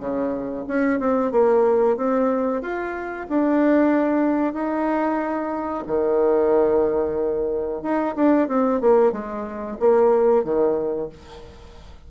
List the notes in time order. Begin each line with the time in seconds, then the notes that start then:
0.00 C#3
0.68 C#4
1.00 C4
1.32 A#3
1.97 C4
2.62 F4
3.29 D4
4.54 D#4
5.87 D#3
7.83 D#4
8.16 D4
8.48 C4
8.81 A#3
9.12 G#3
9.80 A#3
10.44 D#3